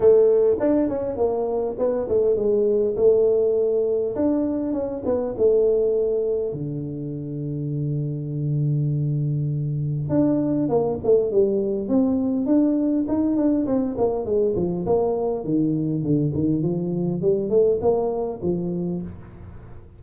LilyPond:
\new Staff \with { instrumentName = "tuba" } { \time 4/4 \tempo 4 = 101 a4 d'8 cis'8 ais4 b8 a8 | gis4 a2 d'4 | cis'8 b8 a2 d4~ | d1~ |
d4 d'4 ais8 a8 g4 | c'4 d'4 dis'8 d'8 c'8 ais8 | gis8 f8 ais4 dis4 d8 dis8 | f4 g8 a8 ais4 f4 | }